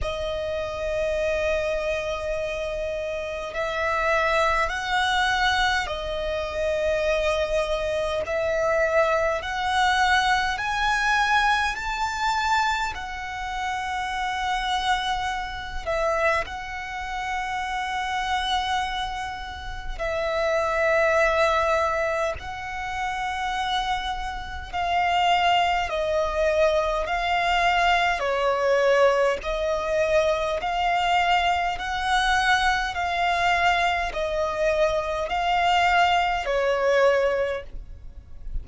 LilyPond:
\new Staff \with { instrumentName = "violin" } { \time 4/4 \tempo 4 = 51 dis''2. e''4 | fis''4 dis''2 e''4 | fis''4 gis''4 a''4 fis''4~ | fis''4. e''8 fis''2~ |
fis''4 e''2 fis''4~ | fis''4 f''4 dis''4 f''4 | cis''4 dis''4 f''4 fis''4 | f''4 dis''4 f''4 cis''4 | }